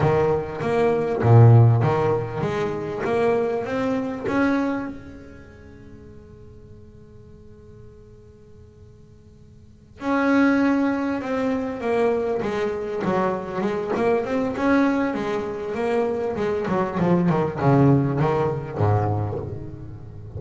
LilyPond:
\new Staff \with { instrumentName = "double bass" } { \time 4/4 \tempo 4 = 99 dis4 ais4 ais,4 dis4 | gis4 ais4 c'4 cis'4 | gis1~ | gis1~ |
gis8 cis'2 c'4 ais8~ | ais8 gis4 fis4 gis8 ais8 c'8 | cis'4 gis4 ais4 gis8 fis8 | f8 dis8 cis4 dis4 gis,4 | }